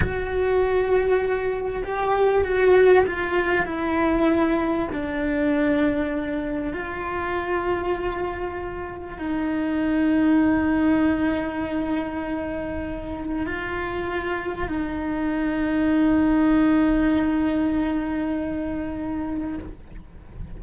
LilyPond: \new Staff \with { instrumentName = "cello" } { \time 4/4 \tempo 4 = 98 fis'2. g'4 | fis'4 f'4 e'2 | d'2. f'4~ | f'2. dis'4~ |
dis'1~ | dis'2 f'2 | dis'1~ | dis'1 | }